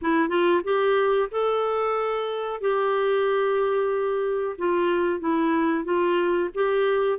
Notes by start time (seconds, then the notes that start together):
0.01 E4
0.28 F4
0.64 G4
1.31 A4
2.61 G4
4.58 F4
5.19 E4
5.84 F4
6.54 G4